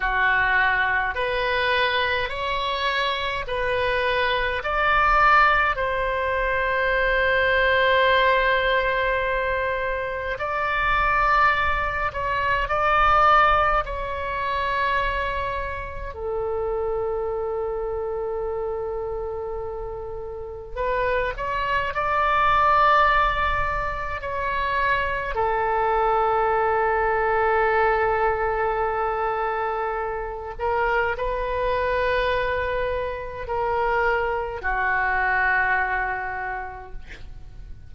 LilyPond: \new Staff \with { instrumentName = "oboe" } { \time 4/4 \tempo 4 = 52 fis'4 b'4 cis''4 b'4 | d''4 c''2.~ | c''4 d''4. cis''8 d''4 | cis''2 a'2~ |
a'2 b'8 cis''8 d''4~ | d''4 cis''4 a'2~ | a'2~ a'8 ais'8 b'4~ | b'4 ais'4 fis'2 | }